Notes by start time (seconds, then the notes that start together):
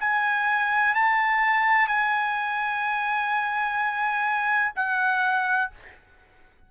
0.00 G#5
0.95 A5
1.87 G#5
4.76 F#5